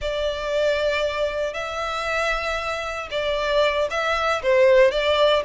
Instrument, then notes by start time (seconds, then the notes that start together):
violin
0.01 D5
1.53 E5
3.10 D5
3.90 E5
4.42 C5
4.91 D5